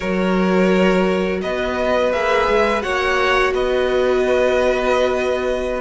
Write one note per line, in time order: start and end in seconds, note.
0.00 1.42 F#3
0.00 2.12 F#4
0.00 1.40 A#4
0.00 1.40 C#5
1.41 2.12 B3
1.41 2.83 B4
1.41 2.12 D#5
2.12 2.48 A#3
2.12 2.81 G#4
2.12 2.82 E5
2.48 2.83 G#3
2.81 3.53 A#3
2.81 5.80 F#4
2.81 3.53 C#5
2.81 3.52 F#5
3.53 5.80 B3
3.53 5.80 B4
3.53 5.80 D#5